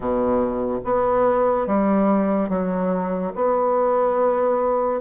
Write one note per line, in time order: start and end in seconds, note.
0.00 0.79 B2
0.84 1.67 B3
1.67 2.49 G3
2.49 3.32 F#3
3.35 5.00 B3